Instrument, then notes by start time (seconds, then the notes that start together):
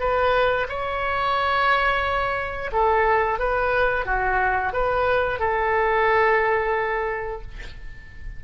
oboe
0.00 B4
0.69 C#5
2.72 A4
3.40 B4
4.06 F#4
4.73 B4
5.40 A4